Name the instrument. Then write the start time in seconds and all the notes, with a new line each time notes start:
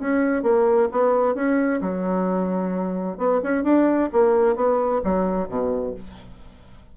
bassoon
0.00 C#4
0.43 A#3
0.92 B3
1.35 C#4
1.81 F#3
3.18 B3
3.44 C#4
3.64 D4
4.13 A#3
4.56 B3
5.04 F#3
5.49 B2